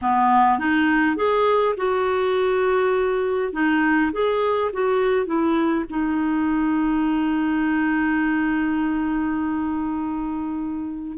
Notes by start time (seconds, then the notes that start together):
0.01 B3
0.58 D#4
1.16 G#4
1.76 F#4
3.53 D#4
4.12 G#4
4.72 F#4
5.26 E4
5.89 D#4